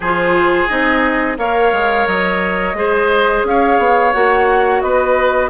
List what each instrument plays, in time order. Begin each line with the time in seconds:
0.00 bassoon F3, clarinet F4, oboe G#4, flute C5
0.68 bassoon C4, clarinet D#4, flute D#5
1.37 bassoon A#3, clarinet A#4, oboe C#5, flute F5
1.72 bassoon G#3
2.07 bassoon F#3, flute D#5
2.74 bassoon G#3, clarinet G#4, oboe C5
3.44 bassoon C#4, oboe C#5, flute F5
3.78 bassoon B3
4.12 bassoon A#3, clarinet F#4, flute F#5
4.81 bassoon B3, oboe B4, flute D#5